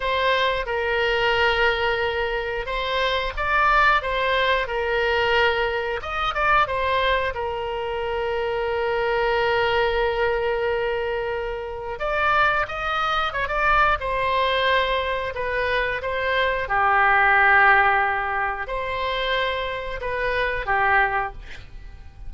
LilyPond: \new Staff \with { instrumentName = "oboe" } { \time 4/4 \tempo 4 = 90 c''4 ais'2. | c''4 d''4 c''4 ais'4~ | ais'4 dis''8 d''8 c''4 ais'4~ | ais'1~ |
ais'2 d''4 dis''4 | cis''16 d''8. c''2 b'4 | c''4 g'2. | c''2 b'4 g'4 | }